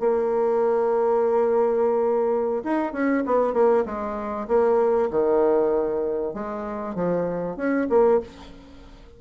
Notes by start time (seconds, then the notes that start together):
0.00 A#3
2.64 D#4
2.93 C#4
3.26 B3
3.53 A#3
3.85 G#3
4.48 A#3
5.11 D#3
6.34 G#3
6.95 F3
7.56 C#4
7.89 A#3